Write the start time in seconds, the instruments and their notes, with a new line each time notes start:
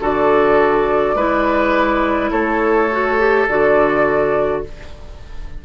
0.00 bassoon D3, clarinet F#4, oboe A4, flute D5
1.14 bassoon G#3, clarinet E4, oboe B4
2.31 bassoon A3, oboe A4, flute C#5
2.91 clarinet F#4
3.18 clarinet G4
3.48 bassoon D3, clarinet F#4, flute D5